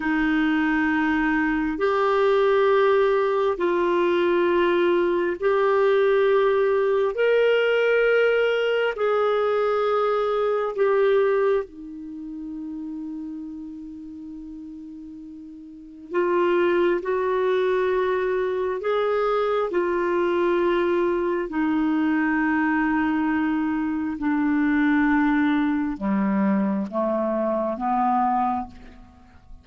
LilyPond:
\new Staff \with { instrumentName = "clarinet" } { \time 4/4 \tempo 4 = 67 dis'2 g'2 | f'2 g'2 | ais'2 gis'2 | g'4 dis'2.~ |
dis'2 f'4 fis'4~ | fis'4 gis'4 f'2 | dis'2. d'4~ | d'4 g4 a4 b4 | }